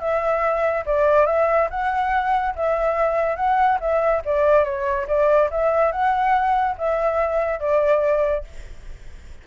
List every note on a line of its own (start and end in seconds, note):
0.00 0.85 E5
0.86 1.27 D5
1.27 1.69 E5
1.70 2.55 F#5
2.56 3.37 E5
3.37 3.79 F#5
3.80 4.23 E5
4.25 4.65 D5
4.65 5.07 C#5
5.08 5.50 D5
5.51 5.92 E5
5.92 6.77 F#5
6.78 7.60 E5
7.60 8.45 D5